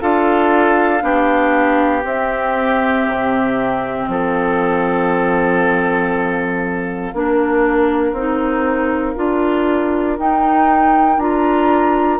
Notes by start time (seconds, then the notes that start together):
0.00 D4 F4 A4 F5
1.00 B3 D4 G4
2.04 C4 E5
3.07 C3
4.07 F3 A4 F5
7.14 A#3 D4 A#4
8.12 C4 D#4
9.15 D4 F4
10.19 D#4 G5
11.17 D4 F4 A#5